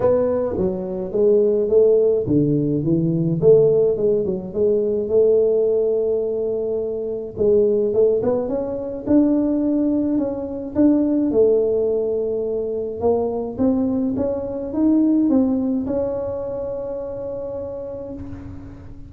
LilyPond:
\new Staff \with { instrumentName = "tuba" } { \time 4/4 \tempo 4 = 106 b4 fis4 gis4 a4 | d4 e4 a4 gis8 fis8 | gis4 a2.~ | a4 gis4 a8 b8 cis'4 |
d'2 cis'4 d'4 | a2. ais4 | c'4 cis'4 dis'4 c'4 | cis'1 | }